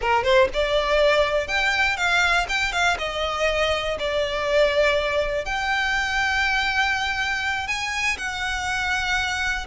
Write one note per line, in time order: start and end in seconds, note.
0.01 0.23 A#4
0.23 0.48 C5
0.53 1.47 D5
1.47 1.96 G5
1.96 2.46 F5
2.48 2.72 G5
2.72 2.97 F5
2.98 3.97 D#5
3.99 5.45 D5
5.45 7.67 G5
7.67 8.17 G#5
8.17 9.66 F#5